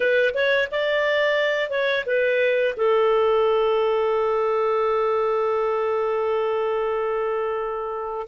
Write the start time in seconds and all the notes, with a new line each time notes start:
0.00 B4
0.34 C#5
0.71 D5
1.70 C#5
2.05 B4
2.76 A4